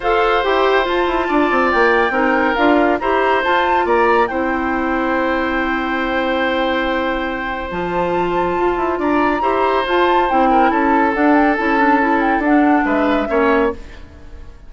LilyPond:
<<
  \new Staff \with { instrumentName = "flute" } { \time 4/4 \tempo 4 = 140 f''4 g''4 a''2 | g''2 f''4 ais''4 | a''4 ais''4 g''2~ | g''1~ |
g''2 a''2~ | a''4 ais''2 a''4 | g''4 a''4 fis''8 g''8 a''4~ | a''8 g''8 fis''4 e''2 | }
  \new Staff \with { instrumentName = "oboe" } { \time 4/4 c''2. d''4~ | d''4 ais'2 c''4~ | c''4 d''4 c''2~ | c''1~ |
c''1~ | c''4 d''4 c''2~ | c''8 ais'8 a'2.~ | a'2 b'4 cis''4 | }
  \new Staff \with { instrumentName = "clarinet" } { \time 4/4 a'4 g'4 f'2~ | f'4 dis'4 f'4 g'4 | f'2 e'2~ | e'1~ |
e'2 f'2~ | f'2 g'4 f'4 | e'2 d'4 e'8 d'8 | e'4 d'2 cis'4 | }
  \new Staff \with { instrumentName = "bassoon" } { \time 4/4 f'4 e'4 f'8 e'8 d'8 c'8 | ais4 c'4 d'4 e'4 | f'4 ais4 c'2~ | c'1~ |
c'2 f2 | f'8 e'8 d'4 e'4 f'4 | c'4 cis'4 d'4 cis'4~ | cis'4 d'4 gis4 ais4 | }
>>